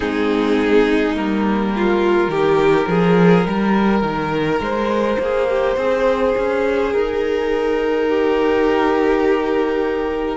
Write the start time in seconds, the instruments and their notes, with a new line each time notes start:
0.00 cello G#3, viola C4, violin D#4 G#4
1.14 cello G3, viola A#3, violin A#4
1.75 violin F4
2.28 cello D#3, viola D#4, violin G4
2.87 cello F3, violin G#4
3.46 cello G3, violin A#4
4.02 cello D#3
4.59 cello G#3, violin C5
5.18 cello A#3, violin G#4
5.49 violin G4
5.76 cello C4, violin G#4
6.37 cello C#4
6.92 cello D#4, violin A#4
8.08 violin G4